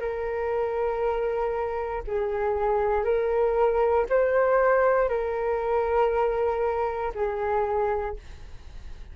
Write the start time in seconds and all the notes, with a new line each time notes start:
0.00 A#4
2.07 G#4
3.05 A#4
4.10 C5
5.09 A#4
7.15 G#4